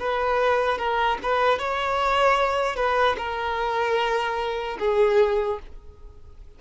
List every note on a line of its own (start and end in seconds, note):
0.00 0.79 B4
0.79 1.19 A#4
1.23 1.59 B4
1.59 2.77 C#5
2.77 3.17 B4
3.18 4.78 A#4
4.80 5.60 G#4